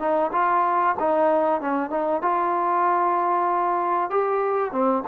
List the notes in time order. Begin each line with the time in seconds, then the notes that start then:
0.00 D#4
0.33 F4
1.00 D#4
1.62 C#4
1.91 D#4
2.22 F4
4.11 G4
4.72 C4